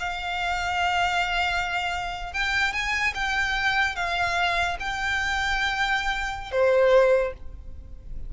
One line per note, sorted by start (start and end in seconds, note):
0.00 2.33 F5
2.33 2.73 G5
2.73 3.14 G#5
3.14 3.96 G5
3.96 4.77 F5
4.80 6.52 G5
6.52 7.33 C5